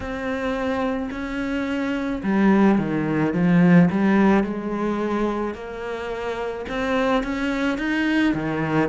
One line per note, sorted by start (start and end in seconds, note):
0.00 1.09 C4
1.11 2.22 C#4
2.23 2.78 G3
2.78 3.33 D#3
3.33 3.89 F3
3.90 4.43 G3
4.43 5.54 G#3
5.54 6.65 A#3
6.68 7.23 C4
7.23 7.78 C#4
7.78 8.33 D#4
8.33 8.89 D#3